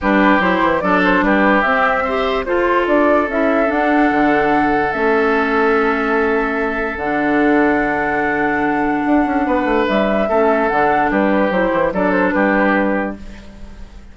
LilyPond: <<
  \new Staff \with { instrumentName = "flute" } { \time 4/4 \tempo 4 = 146 b'4 c''4 d''8 c''8 b'4 | e''2 c''4 d''4 | e''4 fis''2. | e''1~ |
e''4 fis''2.~ | fis''1 | e''2 fis''4 b'4 | c''4 d''8 c''8 b'2 | }
  \new Staff \with { instrumentName = "oboe" } { \time 4/4 g'2 a'4 g'4~ | g'4 c''4 a'2~ | a'1~ | a'1~ |
a'1~ | a'2. b'4~ | b'4 a'2 g'4~ | g'4 a'4 g'2 | }
  \new Staff \with { instrumentName = "clarinet" } { \time 4/4 d'4 e'4 d'2 | c'4 g'4 f'2 | e'4 d'2. | cis'1~ |
cis'4 d'2.~ | d'1~ | d'4 cis'4 d'2 | e'4 d'2. | }
  \new Staff \with { instrumentName = "bassoon" } { \time 4/4 g4 fis8 e8 fis4 g4 | c'2 f'4 d'4 | cis'4 d'4 d2 | a1~ |
a4 d2.~ | d2 d'8 cis'8 b8 a8 | g4 a4 d4 g4 | fis8 e8 fis4 g2 | }
>>